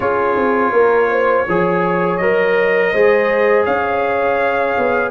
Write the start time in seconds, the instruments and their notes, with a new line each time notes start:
0.00 tuba C#4, trombone F4, horn G#4, trumpet C#5
0.36 tuba C4
0.72 tuba A#3, horn A#4
1.10 horn C5
1.47 tuba F3, trombone G#4, horn C#5
2.16 tuba F#3, trombone A#4, trumpet D#5
2.92 tuba G#3, trombone G#4, horn C5
3.65 tuba C#4, horn C#5, trumpet F5
4.78 tuba B3